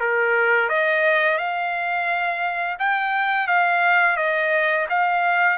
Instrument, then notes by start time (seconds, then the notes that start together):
trumpet
0.00 A#4
0.69 D#5
1.37 F5
2.79 G5
3.47 F5
4.16 D#5
4.89 F5